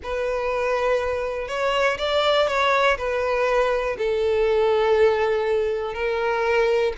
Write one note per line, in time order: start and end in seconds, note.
0.03 1.48 B4
1.48 1.97 C#5
1.98 2.47 D5
2.47 2.97 C#5
2.97 3.96 B4
3.98 5.94 A4
5.94 6.93 A#4